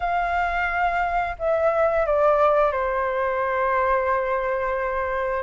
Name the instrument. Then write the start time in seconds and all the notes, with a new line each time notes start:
flute
0.00 F5
1.38 E5
2.06 D5
2.71 C5